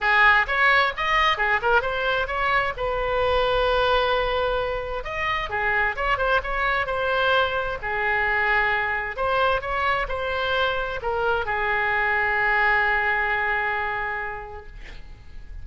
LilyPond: \new Staff \with { instrumentName = "oboe" } { \time 4/4 \tempo 4 = 131 gis'4 cis''4 dis''4 gis'8 ais'8 | c''4 cis''4 b'2~ | b'2. dis''4 | gis'4 cis''8 c''8 cis''4 c''4~ |
c''4 gis'2. | c''4 cis''4 c''2 | ais'4 gis'2.~ | gis'1 | }